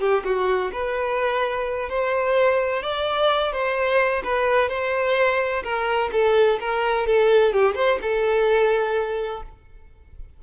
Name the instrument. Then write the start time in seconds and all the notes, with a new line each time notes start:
violin
0.00 G4
0.25 F#4
0.73 B4
1.90 C5
2.83 D5
3.53 C5
4.24 B4
4.69 C5
5.64 A#4
6.13 A4
6.61 A#4
7.07 A4
7.53 G4
7.75 C5
8.02 A4